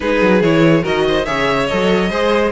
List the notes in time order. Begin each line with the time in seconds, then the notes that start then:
0.00 G#3 D#4 G#4 B4
0.21 F#3
0.41 E3 E4 C#5
0.82 D#3 F#4 A#4 D#5
1.08 C5
1.25 C#3 G#4 C#5 E5
1.67 F#3 A4 D#5
2.10 G#3 G#4 C5